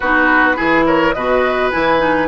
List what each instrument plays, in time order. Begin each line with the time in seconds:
0.00 bassoon B3, clarinet D#4, oboe F#4, flute B4
0.55 bassoon E3, clarinet E4, oboe G#4
0.86 oboe A#4, flute C#5
1.12 bassoon B2, clarinet F#4, oboe B4, flute D#5
1.71 bassoon E3, clarinet E4, flute G#5
1.99 clarinet D#4